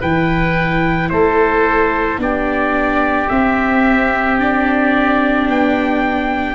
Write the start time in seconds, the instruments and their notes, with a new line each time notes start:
0.00 tuba E3, viola E4, oboe B4, trumpet G5
1.10 tuba A3, oboe A4, trumpet C5
2.18 tuba B3, viola D4, oboe G4, trumpet D5
3.29 viola C4, tuba C4, trumpet E5
4.39 viola D4, trumpet D5
5.48 tuba B3, trumpet G5